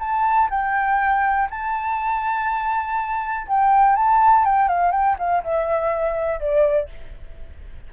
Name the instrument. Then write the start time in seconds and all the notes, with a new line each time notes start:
flute
0.00 A5
0.51 G5
1.51 A5
3.48 G5
3.96 A5
4.45 G5
4.69 F5
4.92 G5
5.19 F5
5.44 E5
6.40 D5